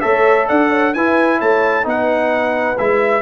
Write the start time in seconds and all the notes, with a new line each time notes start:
0.00 A3 A4 C#5 E5
0.48 D4 D5 F#5
0.70 C#5
0.94 E4 B4 G#5
1.38 A3 C#5 A5
1.83 B3 D#4 B4 F#5
2.78 G#3 E4 E5